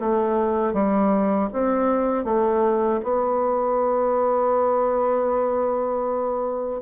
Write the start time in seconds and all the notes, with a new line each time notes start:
0.00 A3
0.73 G3
1.53 C4
2.24 A3
3.03 B3